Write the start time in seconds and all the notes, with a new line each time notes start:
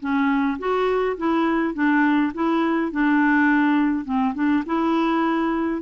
0.00 C#4
0.59 F#4
1.17 E4
1.74 D4
2.34 E4
2.92 D4
4.05 C4
4.35 D4
4.66 E4